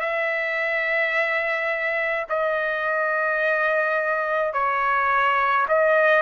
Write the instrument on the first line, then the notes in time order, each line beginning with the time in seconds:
trumpet
0.00 E5
2.29 D#5
4.53 C#5
5.68 D#5